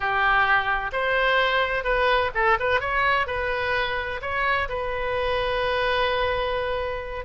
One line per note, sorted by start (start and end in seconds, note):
0.00 0.91 G4
0.92 1.84 C5
1.84 2.31 B4
2.34 2.58 A4
2.59 2.80 B4
2.80 3.26 C#5
3.26 4.20 B4
4.21 4.68 C#5
4.69 7.25 B4